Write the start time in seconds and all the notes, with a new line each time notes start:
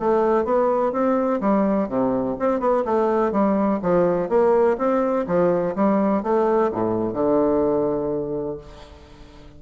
0.00 A3
0.45 B3
0.92 C4
1.41 G3
1.89 C3
2.40 C4
2.60 B3
2.85 A3
3.32 G3
3.82 F3
4.29 A#3
4.78 C4
5.27 F3
5.76 G3
6.23 A3
6.72 A2
7.13 D3